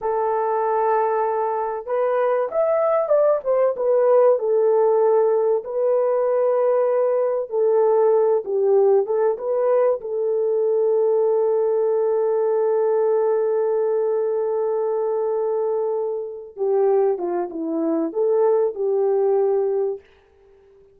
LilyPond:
\new Staff \with { instrumentName = "horn" } { \time 4/4 \tempo 4 = 96 a'2. b'4 | e''4 d''8 c''8 b'4 a'4~ | a'4 b'2. | a'4. g'4 a'8 b'4 |
a'1~ | a'1~ | a'2~ a'8 g'4 f'8 | e'4 a'4 g'2 | }